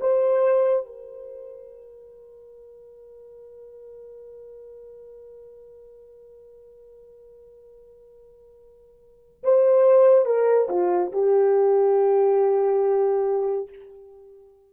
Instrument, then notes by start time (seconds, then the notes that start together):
horn
0.00 C5
0.86 A#4
9.43 C5
10.25 A#4
10.69 F4
11.12 G4